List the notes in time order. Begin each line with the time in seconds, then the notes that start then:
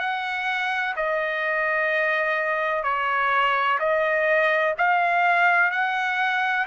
0.00 F#5
0.97 D#5
2.84 C#5
3.80 D#5
4.78 F5
5.71 F#5